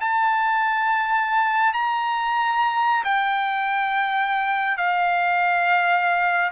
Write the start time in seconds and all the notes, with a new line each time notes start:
0.00 A5
1.73 A#5
3.04 G5
4.77 F5